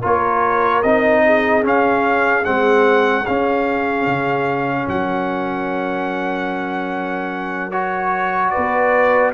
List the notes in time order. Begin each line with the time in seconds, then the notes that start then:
0.00 A#3 F4 A#4 C#5
0.82 C4 D#4 D#5
1.26 G#4
1.62 C#4 F5
2.44 G#3 C4 F#5
3.26 C#4 F5
4.06 C#3
4.88 F#3 A#4 F#5
7.71 F#4 C#5
8.50 B4 D5
8.57 B3